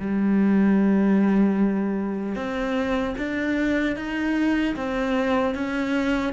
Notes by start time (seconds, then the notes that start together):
0.00 G3
2.36 C4
3.18 D4
3.97 D#4
4.76 C4
5.55 C#4